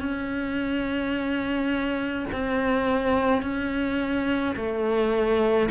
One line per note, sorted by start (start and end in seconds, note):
0.00 2.26 C#4
2.33 3.43 C4
3.43 4.56 C#4
4.56 5.70 A3